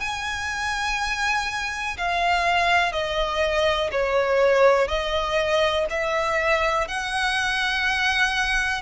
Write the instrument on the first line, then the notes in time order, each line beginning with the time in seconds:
violin
0.00 G#5
1.97 F5
2.92 D#5
3.91 C#5
4.88 D#5
5.89 E5
6.87 F#5